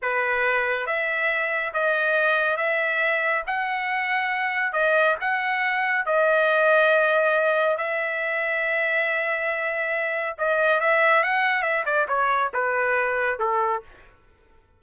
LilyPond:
\new Staff \with { instrumentName = "trumpet" } { \time 4/4 \tempo 4 = 139 b'2 e''2 | dis''2 e''2 | fis''2. dis''4 | fis''2 dis''2~ |
dis''2 e''2~ | e''1 | dis''4 e''4 fis''4 e''8 d''8 | cis''4 b'2 a'4 | }